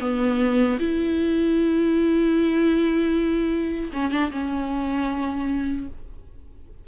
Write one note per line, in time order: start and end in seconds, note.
0.00 0.78 B3
0.79 3.91 E4
3.93 4.11 C#4
4.11 4.31 D4
4.31 5.87 C#4